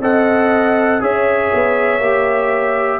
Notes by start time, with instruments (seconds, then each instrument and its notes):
0.00 tuba C4, trombone A4, horn D#5, trumpet F#5
1.00 tuba C#4, trombone G#4, horn C#5, trumpet E5
1.54 tuba B3
1.99 tuba A#3, trombone G4